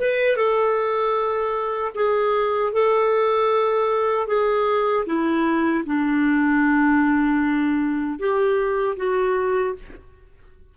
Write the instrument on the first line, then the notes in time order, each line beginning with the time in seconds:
clarinet
0.00 B4
0.37 A4
1.95 G#4
2.73 A4
4.27 G#4
5.06 E4
5.86 D4
8.19 G4
8.97 F#4